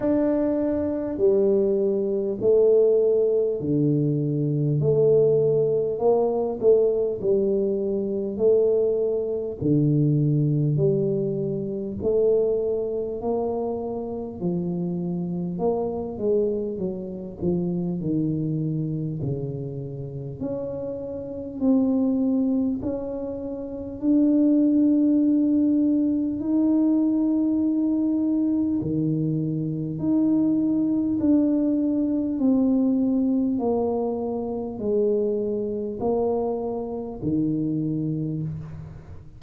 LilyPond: \new Staff \with { instrumentName = "tuba" } { \time 4/4 \tempo 4 = 50 d'4 g4 a4 d4 | a4 ais8 a8 g4 a4 | d4 g4 a4 ais4 | f4 ais8 gis8 fis8 f8 dis4 |
cis4 cis'4 c'4 cis'4 | d'2 dis'2 | dis4 dis'4 d'4 c'4 | ais4 gis4 ais4 dis4 | }